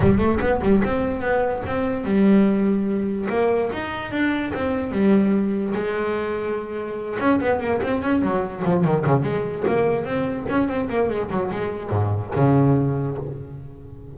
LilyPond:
\new Staff \with { instrumentName = "double bass" } { \time 4/4 \tempo 4 = 146 g8 a8 b8 g8 c'4 b4 | c'4 g2. | ais4 dis'4 d'4 c'4 | g2 gis2~ |
gis4. cis'8 b8 ais8 c'8 cis'8 | fis4 f8 dis8 cis8 gis4 ais8~ | ais8 c'4 cis'8 c'8 ais8 gis8 fis8 | gis4 gis,4 cis2 | }